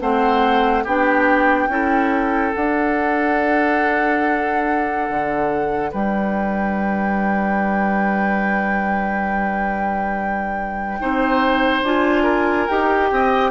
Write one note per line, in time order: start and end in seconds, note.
0.00 0.85 A3
0.00 0.85 C4
0.00 0.83 C5
0.00 0.85 F#5
0.83 1.67 B3
0.83 1.69 D4
0.83 1.68 G4
0.83 2.54 G5
1.67 2.51 C#4
1.67 2.53 E4
1.67 5.91 A4
2.53 10.98 D4
2.53 5.09 D4
2.53 5.92 F#5
5.09 5.93 D3
5.91 11.00 G3
5.91 10.98 B4
5.91 11.85 G5
10.99 11.82 C4
10.99 11.83 D#4
10.99 12.23 C5
11.82 12.66 D4
11.82 12.68 F4
11.82 12.67 G#5
12.23 13.07 A#4
12.67 13.11 D#4
12.67 13.50 G4
12.67 13.50 G5
13.11 13.50 C4
13.11 13.50 D#5